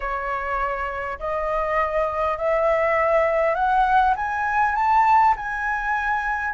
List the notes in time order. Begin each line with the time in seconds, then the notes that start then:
0.00 C#5
1.19 D#5
2.37 E5
3.55 F#5
4.16 G#5
4.75 A5
5.36 G#5